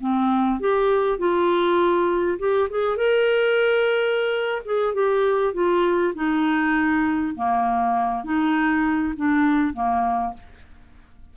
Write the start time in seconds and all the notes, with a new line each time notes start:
0.00 C4
0.60 G4
1.18 F4
2.39 G4
2.70 G#4
2.97 A#4
4.65 G#4
4.94 G4
5.53 F4
6.14 D#4
7.35 A#3
8.24 D#4
9.16 D4
9.73 A#3